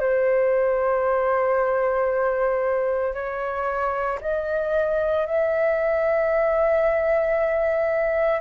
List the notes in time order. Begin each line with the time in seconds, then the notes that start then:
0.00 C5
3.14 C#5
4.22 D#5
5.27 E5